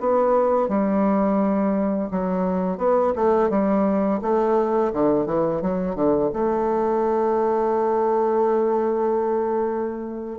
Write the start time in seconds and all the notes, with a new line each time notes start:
0.00 B3
0.68 G3
2.11 F#3
2.78 B3
3.15 A3
3.49 G3
4.21 A3
4.93 D3
5.26 E3
5.61 F#3
5.95 D3
6.33 A3